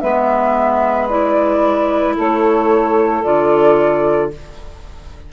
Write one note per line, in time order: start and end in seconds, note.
0.00 2.17 G#3
0.00 1.08 B3
0.00 2.15 B4
0.00 1.07 E5
1.08 3.23 E4
1.08 2.15 D5
2.16 3.25 A3
2.16 4.30 A4
2.16 3.23 C#5
3.23 4.32 D3
3.23 4.30 F4
3.23 4.30 D5